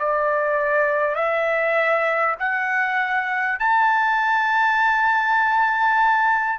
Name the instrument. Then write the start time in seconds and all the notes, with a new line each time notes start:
trumpet
0.00 D5
1.16 E5
2.39 F#5
3.60 A5